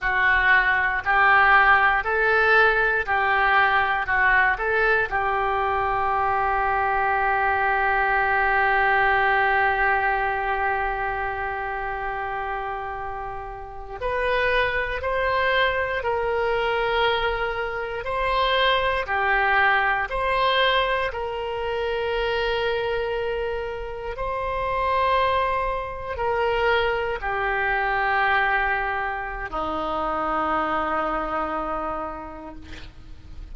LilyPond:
\new Staff \with { instrumentName = "oboe" } { \time 4/4 \tempo 4 = 59 fis'4 g'4 a'4 g'4 | fis'8 a'8 g'2.~ | g'1~ | g'4.~ g'16 b'4 c''4 ais'16~ |
ais'4.~ ais'16 c''4 g'4 c''16~ | c''8. ais'2. c''16~ | c''4.~ c''16 ais'4 g'4~ g'16~ | g'4 dis'2. | }